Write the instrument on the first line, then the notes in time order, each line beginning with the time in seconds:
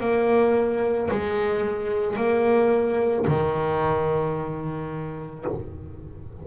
double bass
0.00 A#3
1.11 G#3
2.17 A#3
3.27 D#3